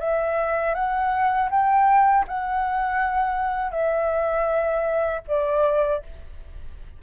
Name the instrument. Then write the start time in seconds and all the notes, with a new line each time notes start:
flute
0.00 E5
0.75 F#5
1.51 G5
2.28 F#5
3.72 E5
5.28 D5